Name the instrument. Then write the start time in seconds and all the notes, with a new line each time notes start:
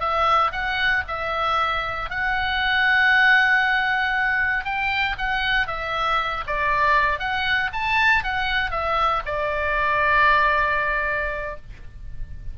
oboe
0.00 E5
0.52 F#5
1.07 E5
2.10 F#5
4.65 G5
5.18 F#5
5.67 E5
6.47 D5
7.19 F#5
7.73 A5
8.24 F#5
8.71 E5
9.26 D5